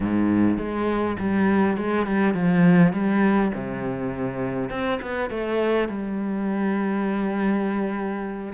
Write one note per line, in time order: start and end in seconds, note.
0.00 0.58 G#2
0.58 1.17 G#3
1.19 1.77 G3
1.77 2.06 G#3
2.06 2.33 G3
2.33 2.92 F3
2.92 3.51 G3
3.54 4.70 C3
4.70 4.99 C4
5.01 5.29 B3
5.29 5.88 A3
5.88 8.53 G3